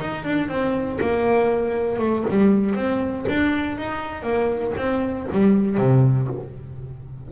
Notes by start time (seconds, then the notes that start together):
0.00 D#4
0.24 D4
0.48 C4
1.00 A#3
1.99 A3
2.30 G3
2.75 C4
3.28 D4
3.78 D#4
4.23 A#3
4.77 C4
5.32 G3
5.77 C3